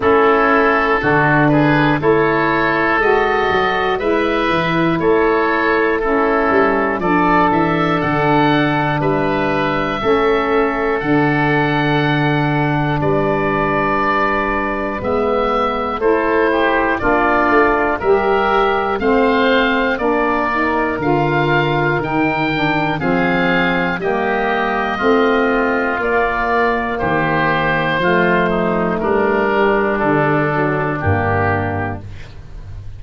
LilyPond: <<
  \new Staff \with { instrumentName = "oboe" } { \time 4/4 \tempo 4 = 60 a'4. b'8 cis''4 dis''4 | e''4 cis''4 a'4 d''8 e''8 | fis''4 e''2 fis''4~ | fis''4 d''2 e''4 |
c''4 d''4 e''4 f''4 | d''4 f''4 g''4 f''4 | dis''2 d''4 c''4~ | c''4 ais'4 a'4 g'4 | }
  \new Staff \with { instrumentName = "oboe" } { \time 4/4 e'4 fis'8 gis'8 a'2 | b'4 a'4 e'4 a'4~ | a'4 b'4 a'2~ | a'4 b'2. |
a'8 g'8 f'4 ais'4 c''4 | ais'2. gis'4 | g'4 f'2 g'4 | f'8 dis'8 d'2. | }
  \new Staff \with { instrumentName = "saxophone" } { \time 4/4 cis'4 d'4 e'4 fis'4 | e'2 cis'4 d'4~ | d'2 cis'4 d'4~ | d'2. b4 |
e'4 d'4 g'4 c'4 | d'8 dis'8 f'4 dis'8 d'8 c'4 | ais4 c'4 ais2 | a4. g4 fis8 ais4 | }
  \new Staff \with { instrumentName = "tuba" } { \time 4/4 a4 d4 a4 gis8 fis8 | gis8 e8 a4. g8 f8 e8 | d4 g4 a4 d4~ | d4 g2 gis4 |
a4 ais8 a8 g4 a4 | ais4 d4 dis4 f4 | g4 a4 ais4 dis4 | f4 g4 d4 g,4 | }
>>